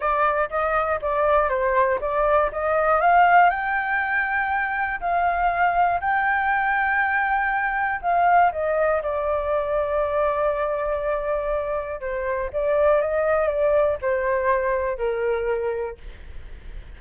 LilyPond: \new Staff \with { instrumentName = "flute" } { \time 4/4 \tempo 4 = 120 d''4 dis''4 d''4 c''4 | d''4 dis''4 f''4 g''4~ | g''2 f''2 | g''1 |
f''4 dis''4 d''2~ | d''1 | c''4 d''4 dis''4 d''4 | c''2 ais'2 | }